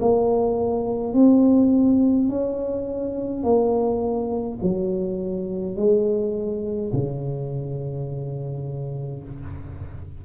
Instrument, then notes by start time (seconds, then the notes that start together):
tuba
0.00 A#3
1.13 C4
2.29 C#4
3.43 A#3
4.62 F#3
5.76 G#3
6.93 C#3